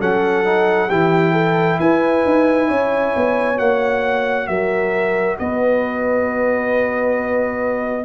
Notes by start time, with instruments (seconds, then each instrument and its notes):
0.00 tuba F#3, trombone C#4, horn A4, trumpet F#5
0.45 trombone D#4
0.88 tuba E3, trombone E4, horn G4, trumpet G5
1.32 horn A4
1.79 tuba E4, horn B4, trumpet G#5
2.25 tuba D#4
2.68 tuba C#4, horn C#5
3.16 tuba B3
3.55 tuba A#3, trombone F#4, trumpet F#5
4.47 tuba F#3, horn A#4, trumpet E5
5.39 tuba B3, horn B4, trumpet D#5